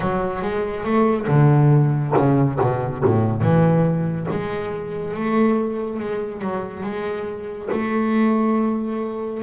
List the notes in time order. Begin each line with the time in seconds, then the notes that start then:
0.00 F#3
0.42 G#3
0.84 A3
1.27 D3
2.17 C#3
2.60 B2
3.04 A2
3.41 E3
4.30 G#3
5.14 A3
5.99 G#3
6.41 F#3
6.83 G#3
7.71 A3